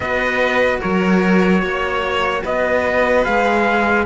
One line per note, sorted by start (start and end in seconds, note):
0.00 0.78 B3
0.00 3.23 F#4
0.00 0.80 B4
0.00 0.79 D#5
0.80 1.62 F#3
0.80 1.61 A#4
0.80 2.42 C#5
1.62 2.43 A#3
1.62 2.42 C#5
2.42 3.26 B3
2.42 4.05 B4
2.42 3.24 D#5
3.23 4.05 G#3
3.23 4.05 G#4
3.23 4.05 F5